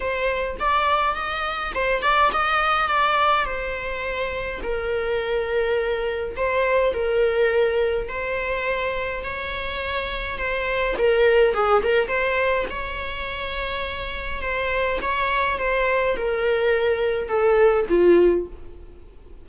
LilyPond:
\new Staff \with { instrumentName = "viola" } { \time 4/4 \tempo 4 = 104 c''4 d''4 dis''4 c''8 d''8 | dis''4 d''4 c''2 | ais'2. c''4 | ais'2 c''2 |
cis''2 c''4 ais'4 | gis'8 ais'8 c''4 cis''2~ | cis''4 c''4 cis''4 c''4 | ais'2 a'4 f'4 | }